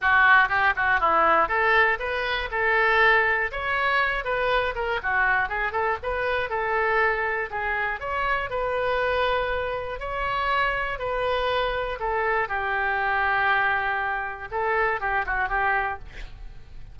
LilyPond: \new Staff \with { instrumentName = "oboe" } { \time 4/4 \tempo 4 = 120 fis'4 g'8 fis'8 e'4 a'4 | b'4 a'2 cis''4~ | cis''8 b'4 ais'8 fis'4 gis'8 a'8 | b'4 a'2 gis'4 |
cis''4 b'2. | cis''2 b'2 | a'4 g'2.~ | g'4 a'4 g'8 fis'8 g'4 | }